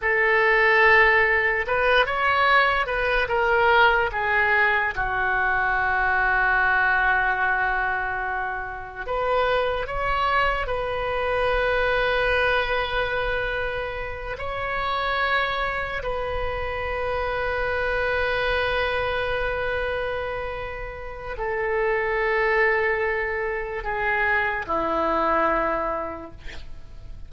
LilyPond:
\new Staff \with { instrumentName = "oboe" } { \time 4/4 \tempo 4 = 73 a'2 b'8 cis''4 b'8 | ais'4 gis'4 fis'2~ | fis'2. b'4 | cis''4 b'2.~ |
b'4. cis''2 b'8~ | b'1~ | b'2 a'2~ | a'4 gis'4 e'2 | }